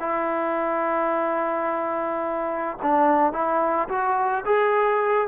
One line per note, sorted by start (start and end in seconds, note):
0.00 2.78 E4
2.83 3.33 D4
3.33 3.89 E4
3.89 4.44 F#4
4.46 5.28 G#4